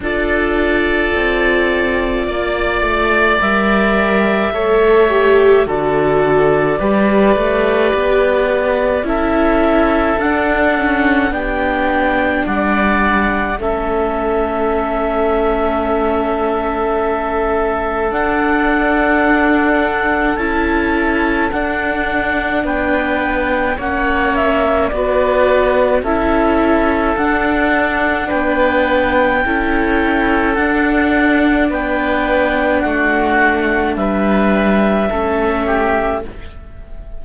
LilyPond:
<<
  \new Staff \with { instrumentName = "clarinet" } { \time 4/4 \tempo 4 = 53 d''2. e''4~ | e''4 d''2. | e''4 fis''4 g''4 fis''4 | e''1 |
fis''2 a''4 fis''4 | g''4 fis''8 e''8 d''4 e''4 | fis''4 g''2 fis''4 | g''4 fis''4 e''2 | }
  \new Staff \with { instrumentName = "oboe" } { \time 4/4 a'2 d''2 | cis''4 a'4 b'2 | a'2 g'4 d''4 | a'1~ |
a'1 | b'4 cis''4 b'4 a'4~ | a'4 b'4 a'2 | b'4 fis'4 b'4 a'8 g'8 | }
  \new Staff \with { instrumentName = "viola" } { \time 4/4 f'2. ais'4 | a'8 g'8 fis'4 g'2 | e'4 d'8 cis'8 d'2 | cis'1 |
d'2 e'4 d'4~ | d'4 cis'4 fis'4 e'4 | d'2 e'4 d'4~ | d'2. cis'4 | }
  \new Staff \with { instrumentName = "cello" } { \time 4/4 d'4 c'4 ais8 a8 g4 | a4 d4 g8 a8 b4 | cis'4 d'4 b4 g4 | a1 |
d'2 cis'4 d'4 | b4 ais4 b4 cis'4 | d'4 b4 cis'4 d'4 | b4 a4 g4 a4 | }
>>